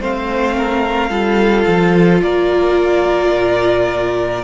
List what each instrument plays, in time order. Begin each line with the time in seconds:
0.00 cello A3, viola C4, violin C5 F5
0.56 violin A#4
1.09 cello G3, viola F4, violin A4
1.67 cello F3
2.22 cello A#3, violin A#4 D5
3.33 cello A#2